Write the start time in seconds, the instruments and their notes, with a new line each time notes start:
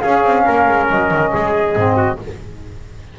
0.00 double bass C#4, saxophone C#4, trumpet G#4, flute F5
0.24 double bass C4
0.46 double bass A#3, trumpet A#4
0.68 double bass G#3
0.90 double bass F#3, flute D#5
1.11 double bass D#3
1.34 double bass G#3, trumpet G#4
1.76 double bass G#2, saxophone C4
1.97 trumpet F#4